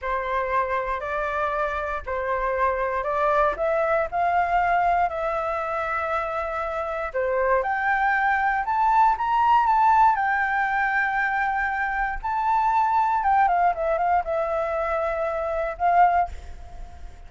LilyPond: \new Staff \with { instrumentName = "flute" } { \time 4/4 \tempo 4 = 118 c''2 d''2 | c''2 d''4 e''4 | f''2 e''2~ | e''2 c''4 g''4~ |
g''4 a''4 ais''4 a''4 | g''1 | a''2 g''8 f''8 e''8 f''8 | e''2. f''4 | }